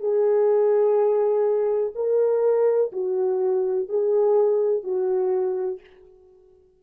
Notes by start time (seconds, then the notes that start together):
0.00 G#4
1.95 A#4
2.93 F#4
3.89 G#4
4.84 F#4